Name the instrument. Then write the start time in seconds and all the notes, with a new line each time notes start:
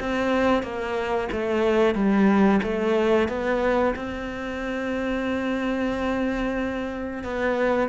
cello
0.00 C4
0.62 A#3
1.32 A3
1.95 G3
2.63 A3
3.28 B3
3.96 C4
7.23 B3